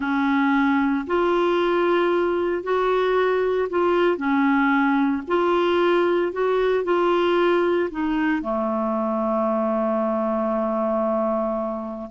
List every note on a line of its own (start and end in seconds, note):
0.00 1.05 C#4
1.07 2.63 F4
2.63 3.68 F#4
3.69 4.17 F4
4.17 5.22 C#4
5.27 6.32 F4
6.32 6.84 F#4
6.84 7.89 F4
7.90 8.42 D#4
8.42 12.10 A3